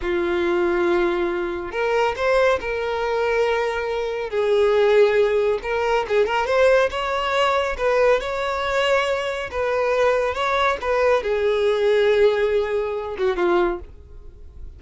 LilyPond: \new Staff \with { instrumentName = "violin" } { \time 4/4 \tempo 4 = 139 f'1 | ais'4 c''4 ais'2~ | ais'2 gis'2~ | gis'4 ais'4 gis'8 ais'8 c''4 |
cis''2 b'4 cis''4~ | cis''2 b'2 | cis''4 b'4 gis'2~ | gis'2~ gis'8 fis'8 f'4 | }